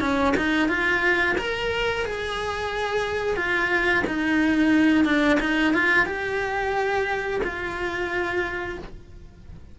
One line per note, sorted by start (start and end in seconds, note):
0.00 0.34 C#4
0.37 0.68 D#4
0.68 1.36 F4
1.38 2.05 A#4
2.05 3.36 G#4
3.36 4.04 F4
4.07 5.05 D#4
5.05 5.38 D4
5.40 5.74 D#4
5.74 6.06 F4
6.06 7.41 G4
7.43 8.78 F4